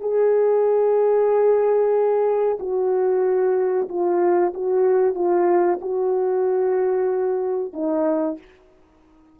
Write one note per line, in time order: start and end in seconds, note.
0.00 2.58 G#4
2.59 3.88 F#4
3.89 4.53 F4
4.54 5.15 F#4
5.15 5.79 F4
5.81 7.73 F#4
7.73 8.38 D#4